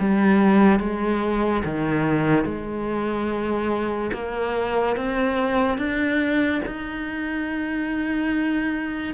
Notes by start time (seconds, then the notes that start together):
0.00 G3
0.80 G#3
1.65 D#3
2.45 G#3
4.13 A#3
4.97 C4
5.78 D4
6.66 D#4